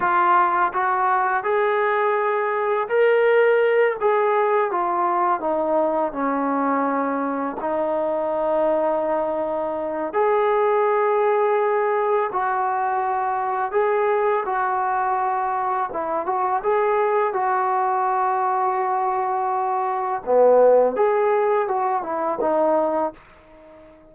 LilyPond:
\new Staff \with { instrumentName = "trombone" } { \time 4/4 \tempo 4 = 83 f'4 fis'4 gis'2 | ais'4. gis'4 f'4 dis'8~ | dis'8 cis'2 dis'4.~ | dis'2 gis'2~ |
gis'4 fis'2 gis'4 | fis'2 e'8 fis'8 gis'4 | fis'1 | b4 gis'4 fis'8 e'8 dis'4 | }